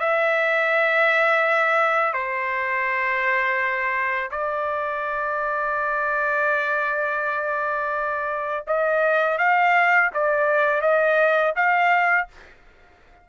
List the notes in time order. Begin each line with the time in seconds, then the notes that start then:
0.00 E5
2.14 C5
4.31 D5
8.67 D#5
9.38 F5
10.14 D5
10.82 D#5
11.56 F5